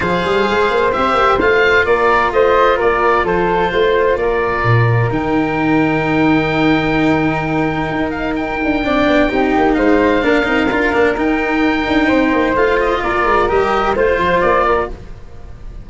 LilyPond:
<<
  \new Staff \with { instrumentName = "oboe" } { \time 4/4 \tempo 4 = 129 f''2 e''4 f''4 | d''4 dis''4 d''4 c''4~ | c''4 d''2 g''4~ | g''1~ |
g''4. f''8 g''2~ | g''4 f''2. | g''2. f''8 dis''8 | d''4 dis''4 c''4 d''4 | }
  \new Staff \with { instrumentName = "flute" } { \time 4/4 c''1 | ais'4 c''4 ais'4 a'4 | c''4 ais'2.~ | ais'1~ |
ais'2. d''4 | g'4 c''4 ais'2~ | ais'2 c''2 | ais'2 c''4. ais'8 | }
  \new Staff \with { instrumentName = "cello" } { \time 4/4 gis'2 g'4 f'4~ | f'1~ | f'2. dis'4~ | dis'1~ |
dis'2. d'4 | dis'2 d'8 dis'8 f'8 d'8 | dis'2. f'4~ | f'4 g'4 f'2 | }
  \new Staff \with { instrumentName = "tuba" } { \time 4/4 f8 g8 gis8 ais8 c'8 ais8 a4 | ais4 a4 ais4 f4 | a4 ais4 ais,4 dis4~ | dis1~ |
dis4 dis'4. d'8 c'8 b8 | c'8 ais8 gis4 ais8 c'8 d'8 ais8 | dis'4. d'8 c'8 ais8 a4 | ais8 gis8 g4 a8 f8 ais4 | }
>>